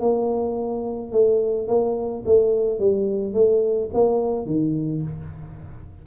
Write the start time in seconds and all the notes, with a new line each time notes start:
0.00 A#3
1.12 A3
1.67 A#3
2.25 A3
2.79 G3
3.33 A3
3.93 A#3
4.46 D#3